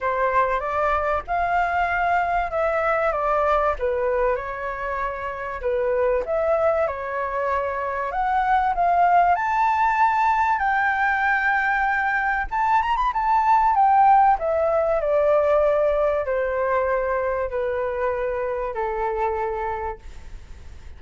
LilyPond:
\new Staff \with { instrumentName = "flute" } { \time 4/4 \tempo 4 = 96 c''4 d''4 f''2 | e''4 d''4 b'4 cis''4~ | cis''4 b'4 e''4 cis''4~ | cis''4 fis''4 f''4 a''4~ |
a''4 g''2. | a''8 ais''16 b''16 a''4 g''4 e''4 | d''2 c''2 | b'2 a'2 | }